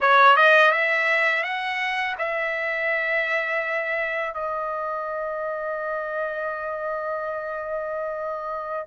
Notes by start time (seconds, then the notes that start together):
0.00 C#5
0.36 D#5
0.71 E5
1.43 F#5
2.18 E5
4.34 D#5